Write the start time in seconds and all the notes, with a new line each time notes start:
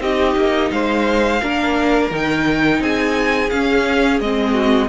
0.00 C4 D#4 G4 D#5
0.36 A#3
0.71 G#3 C5 F5
1.41 A#3 D4 A#4
2.11 D#3 D#4 G5
2.80 C4 G#4 G#5
3.50 C#4 F5
4.20 G#3 C4 D#5
4.53 F#4